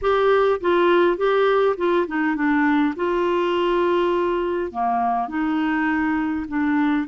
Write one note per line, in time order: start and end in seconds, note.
0.01 0.60 G4
0.60 1.17 F4
1.17 1.76 G4
1.77 2.06 F4
2.07 2.35 D#4
2.35 2.94 D4
2.95 4.71 F4
4.71 5.28 A#3
5.28 6.45 D#4
6.48 7.07 D4